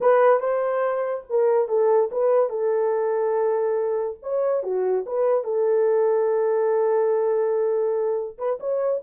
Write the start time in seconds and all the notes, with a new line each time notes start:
0.00 B4
0.40 C5
1.29 A#4
1.68 A4
2.11 B4
2.49 A4
4.22 C#5
4.63 F#4
5.06 B4
5.43 A4
8.38 B4
8.60 C#5